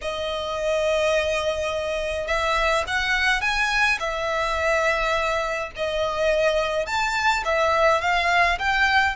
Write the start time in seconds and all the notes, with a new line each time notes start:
0.01 D#5
2.27 E5
2.87 F#5
3.41 G#5
3.99 E5
5.76 D#5
6.86 A5
7.44 E5
8.01 F5
8.58 G5